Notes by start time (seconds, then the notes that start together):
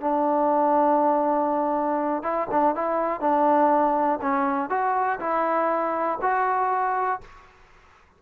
0.00 D4
2.23 E4
2.51 D4
2.75 E4
3.20 D4
4.21 C#4
4.69 F#4
5.20 E4
6.21 F#4